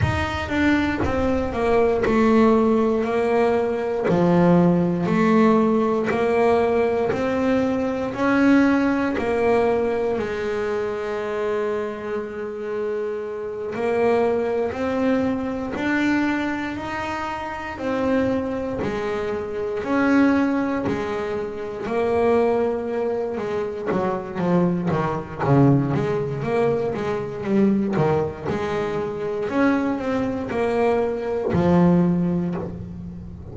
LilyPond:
\new Staff \with { instrumentName = "double bass" } { \time 4/4 \tempo 4 = 59 dis'8 d'8 c'8 ais8 a4 ais4 | f4 a4 ais4 c'4 | cis'4 ais4 gis2~ | gis4. ais4 c'4 d'8~ |
d'8 dis'4 c'4 gis4 cis'8~ | cis'8 gis4 ais4. gis8 fis8 | f8 dis8 cis8 gis8 ais8 gis8 g8 dis8 | gis4 cis'8 c'8 ais4 f4 | }